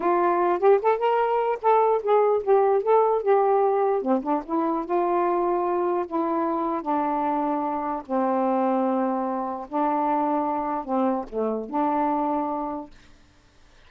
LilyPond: \new Staff \with { instrumentName = "saxophone" } { \time 4/4 \tempo 4 = 149 f'4. g'8 a'8 ais'4. | a'4 gis'4 g'4 a'4 | g'2 c'8 d'8 e'4 | f'2. e'4~ |
e'4 d'2. | c'1 | d'2. c'4 | a4 d'2. | }